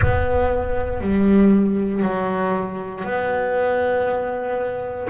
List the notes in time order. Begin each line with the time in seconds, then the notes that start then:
0.01 B3
1.00 G3
2.02 F#3
3.04 B3